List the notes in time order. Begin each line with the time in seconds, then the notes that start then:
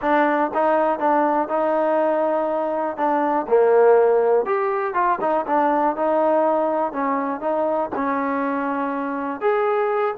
0.01 D4
0.53 D#4
0.99 D4
1.48 D#4
2.96 D4
3.48 A#3
4.45 G4
4.93 F4
5.20 D#4
5.46 D4
5.96 D#4
6.92 C#4
7.40 D#4
7.95 C#4
9.40 G#4